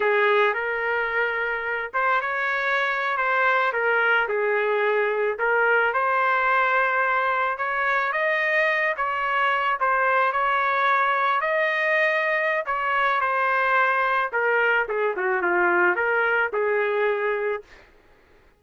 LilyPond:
\new Staff \with { instrumentName = "trumpet" } { \time 4/4 \tempo 4 = 109 gis'4 ais'2~ ais'8 c''8 | cis''4.~ cis''16 c''4 ais'4 gis'16~ | gis'4.~ gis'16 ais'4 c''4~ c''16~ | c''4.~ c''16 cis''4 dis''4~ dis''16~ |
dis''16 cis''4. c''4 cis''4~ cis''16~ | cis''8. dis''2~ dis''16 cis''4 | c''2 ais'4 gis'8 fis'8 | f'4 ais'4 gis'2 | }